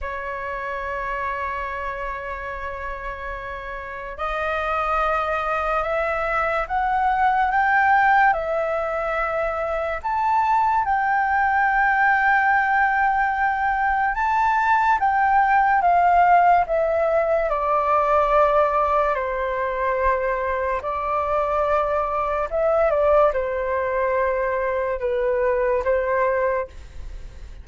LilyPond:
\new Staff \with { instrumentName = "flute" } { \time 4/4 \tempo 4 = 72 cis''1~ | cis''4 dis''2 e''4 | fis''4 g''4 e''2 | a''4 g''2.~ |
g''4 a''4 g''4 f''4 | e''4 d''2 c''4~ | c''4 d''2 e''8 d''8 | c''2 b'4 c''4 | }